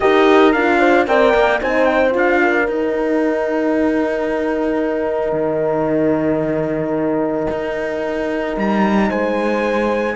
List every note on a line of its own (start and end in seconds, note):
0.00 0.54 D#4
0.00 0.54 G4
0.00 0.79 A#4
0.00 0.52 D#5
0.52 1.07 D4
0.52 1.07 F4
0.52 1.05 F5
0.79 1.06 C5
1.07 1.33 C4
1.07 1.60 A#4
1.07 1.61 D5
1.07 1.61 G5
1.33 1.60 A#3
1.61 2.14 C4
1.61 2.10 D#4
1.61 2.41 C5
1.61 1.85 G#5
1.85 2.12 G5
2.10 2.67 D4
2.10 2.64 F4
2.17 2.70 F5
2.42 9.08 A#4
2.67 5.32 D#4
2.67 10.15 D#4
2.67 8.58 G5
5.32 7.46 D#3
7.50 8.56 D#4
8.56 9.10 G3
8.56 9.10 A#5
9.08 10.15 G#3
9.08 10.15 C5
9.08 10.15 G#5